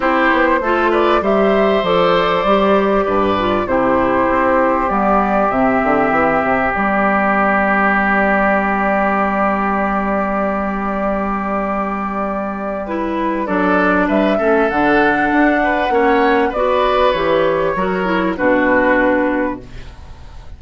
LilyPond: <<
  \new Staff \with { instrumentName = "flute" } { \time 4/4 \tempo 4 = 98 c''4. d''8 e''4 d''4~ | d''2 c''2 | d''4 e''2 d''4~ | d''1~ |
d''1~ | d''4 b'4 d''4 e''4 | fis''2. d''4 | cis''2 b'2 | }
  \new Staff \with { instrumentName = "oboe" } { \time 4/4 g'4 a'8 b'8 c''2~ | c''4 b'4 g'2~ | g'1~ | g'1~ |
g'1~ | g'2 a'4 b'8 a'8~ | a'4. b'8 cis''4 b'4~ | b'4 ais'4 fis'2 | }
  \new Staff \with { instrumentName = "clarinet" } { \time 4/4 e'4 f'4 g'4 a'4 | g'4. f'8 e'2 | b4 c'2 b4~ | b1~ |
b1~ | b4 e'4 d'4. cis'8 | d'2 cis'4 fis'4 | g'4 fis'8 e'8 d'2 | }
  \new Staff \with { instrumentName = "bassoon" } { \time 4/4 c'8 b8 a4 g4 f4 | g4 g,4 c4 c'4 | g4 c8 d8 e8 c8 g4~ | g1~ |
g1~ | g2 fis4 g8 a8 | d4 d'4 ais4 b4 | e4 fis4 b,2 | }
>>